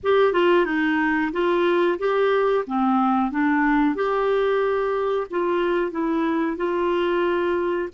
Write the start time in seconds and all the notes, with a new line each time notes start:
0.03 G4
0.32 F4
0.65 D#4
1.32 F4
1.98 G4
2.66 C4
3.31 D4
3.95 G4
5.30 F4
5.91 E4
6.56 F4